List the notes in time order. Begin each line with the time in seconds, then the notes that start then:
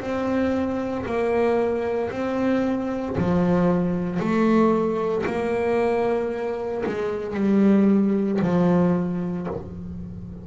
0.00 C4
1.06 A#3
2.11 C4
3.18 F3
4.20 A3
5.26 A#3
6.86 G#3
7.34 G3
8.42 F3